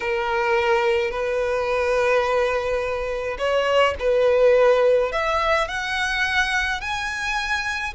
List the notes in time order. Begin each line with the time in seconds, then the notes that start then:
0.00 A#4
1.10 B4
3.38 C#5
3.99 B4
5.12 E5
5.68 F#5
6.80 G#5